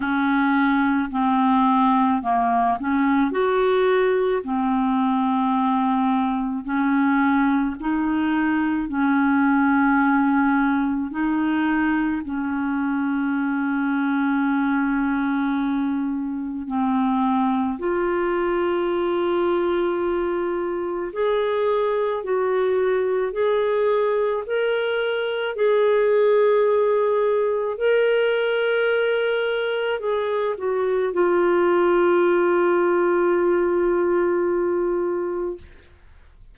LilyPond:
\new Staff \with { instrumentName = "clarinet" } { \time 4/4 \tempo 4 = 54 cis'4 c'4 ais8 cis'8 fis'4 | c'2 cis'4 dis'4 | cis'2 dis'4 cis'4~ | cis'2. c'4 |
f'2. gis'4 | fis'4 gis'4 ais'4 gis'4~ | gis'4 ais'2 gis'8 fis'8 | f'1 | }